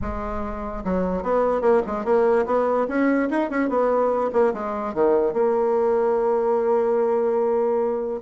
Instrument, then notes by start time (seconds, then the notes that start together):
bassoon
0.01 G#3
0.84 F#3
1.22 B3
1.61 A#3
1.86 G#3
2.04 A#3
2.46 B3
2.88 C#4
3.30 D#4
3.50 C#4
3.69 B3
4.32 A#3
4.53 G#3
4.93 D#3
5.33 A#3